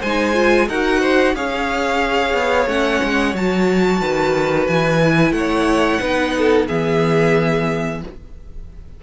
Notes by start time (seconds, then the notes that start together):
0.00 G#3 C5 G#5
0.06 D#4
0.34 F4
0.69 D#4 F#4 A#4 F#5
1.01 C5
1.35 C#4 G#4 C#5 F5
2.34 B3
2.67 A3 C#4 F#5
3.03 G#3
3.34 F#3 F#4 A5
4.01 D#3 B4
4.67 E3 G#5
5.04 E4
5.32 A3 C#5 F#5
6.01 B3 D#4 B4
6.38 A4
6.67 E3 B3 G#4 E5